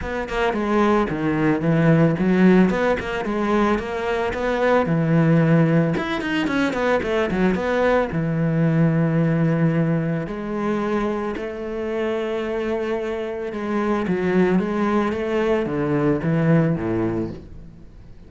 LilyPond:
\new Staff \with { instrumentName = "cello" } { \time 4/4 \tempo 4 = 111 b8 ais8 gis4 dis4 e4 | fis4 b8 ais8 gis4 ais4 | b4 e2 e'8 dis'8 | cis'8 b8 a8 fis8 b4 e4~ |
e2. gis4~ | gis4 a2.~ | a4 gis4 fis4 gis4 | a4 d4 e4 a,4 | }